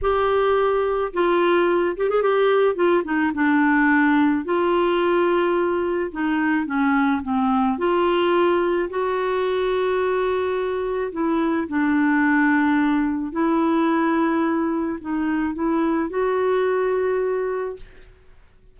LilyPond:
\new Staff \with { instrumentName = "clarinet" } { \time 4/4 \tempo 4 = 108 g'2 f'4. g'16 gis'16 | g'4 f'8 dis'8 d'2 | f'2. dis'4 | cis'4 c'4 f'2 |
fis'1 | e'4 d'2. | e'2. dis'4 | e'4 fis'2. | }